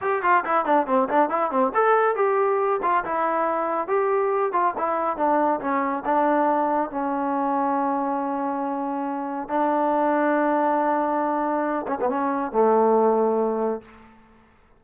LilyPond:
\new Staff \with { instrumentName = "trombone" } { \time 4/4 \tempo 4 = 139 g'8 f'8 e'8 d'8 c'8 d'8 e'8 c'8 | a'4 g'4. f'8 e'4~ | e'4 g'4. f'8 e'4 | d'4 cis'4 d'2 |
cis'1~ | cis'2 d'2~ | d'2.~ d'8 cis'16 b16 | cis'4 a2. | }